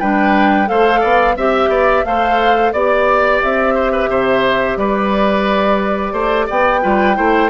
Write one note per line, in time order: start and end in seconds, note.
0.00 0.69 G3
0.00 0.66 D4
0.00 0.68 B4
0.00 0.68 G5
0.66 1.03 A3
0.66 1.34 A4
0.66 1.01 C5
0.66 1.36 F5
1.01 1.37 B3
1.01 1.35 D5
1.37 1.68 C4
1.37 2.05 G4
1.37 2.05 E5
1.37 1.70 E5
1.68 2.03 B3
1.68 2.04 D5
2.05 2.73 A3
2.05 2.73 A4
2.05 2.73 C5
2.05 2.73 F5
2.73 3.41 B3
2.73 6.82 G4
2.73 3.75 D5
2.73 3.41 D5
3.42 4.08 C4
3.42 4.77 E5
3.75 3.92 C5
3.92 4.09 B4
4.08 4.76 C3
4.08 4.78 C5
4.77 6.13 G3
4.77 6.13 B4
4.77 6.48 D5
6.13 6.47 A3
6.13 6.46 C5
6.46 6.84 B3
6.46 6.81 D5
6.46 7.50 G5
6.83 7.18 G3
6.83 7.15 F4
6.83 7.17 B4
7.15 7.50 A3
7.15 7.49 E4
7.15 7.50 C5